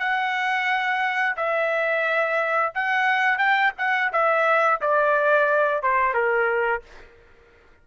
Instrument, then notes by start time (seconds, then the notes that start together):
trumpet
0.00 F#5
1.37 E5
2.75 F#5
3.38 G5
3.78 F#5
4.13 E5
4.81 D5
5.83 C5
6.14 A#4